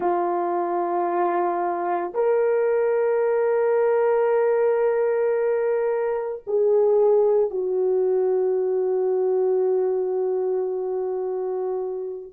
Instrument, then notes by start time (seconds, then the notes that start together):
horn
0.00 F4
2.14 A#4
6.46 G#4
7.50 F#4